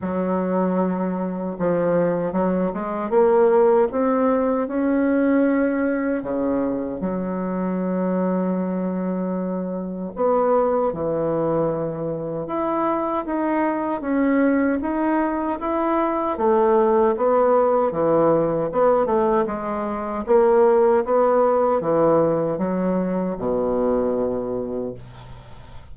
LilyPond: \new Staff \with { instrumentName = "bassoon" } { \time 4/4 \tempo 4 = 77 fis2 f4 fis8 gis8 | ais4 c'4 cis'2 | cis4 fis2.~ | fis4 b4 e2 |
e'4 dis'4 cis'4 dis'4 | e'4 a4 b4 e4 | b8 a8 gis4 ais4 b4 | e4 fis4 b,2 | }